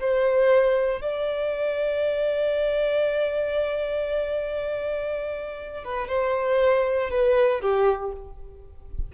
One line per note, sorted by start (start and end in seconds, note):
0.00 1.01 C5
1.01 5.84 D5
5.84 6.09 B4
6.09 7.10 C5
7.10 7.61 B4
7.61 8.12 G4